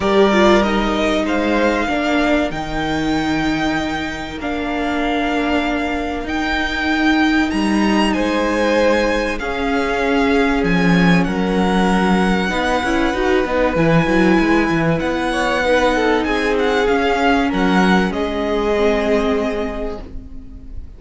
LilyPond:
<<
  \new Staff \with { instrumentName = "violin" } { \time 4/4 \tempo 4 = 96 d''4 dis''4 f''2 | g''2. f''4~ | f''2 g''2 | ais''4 gis''2 f''4~ |
f''4 gis''4 fis''2~ | fis''2 gis''2 | fis''2 gis''8 fis''8 f''4 | fis''4 dis''2. | }
  \new Staff \with { instrumentName = "violin" } { \time 4/4 ais'2 c''4 ais'4~ | ais'1~ | ais'1~ | ais'4 c''2 gis'4~ |
gis'2 ais'2 | b'1~ | b'8 cis''8 b'8 a'8 gis'2 | ais'4 gis'2. | }
  \new Staff \with { instrumentName = "viola" } { \time 4/4 g'8 f'8 dis'2 d'4 | dis'2. d'4~ | d'2 dis'2~ | dis'2. cis'4~ |
cis'1 | dis'8 e'8 fis'8 dis'8 e'2~ | e'4 dis'2 cis'4~ | cis'2 c'2 | }
  \new Staff \with { instrumentName = "cello" } { \time 4/4 g2 gis4 ais4 | dis2. ais4~ | ais2 dis'2 | g4 gis2 cis'4~ |
cis'4 f4 fis2 | b8 cis'8 dis'8 b8 e8 fis8 gis8 e8 | b2 c'4 cis'4 | fis4 gis2. | }
>>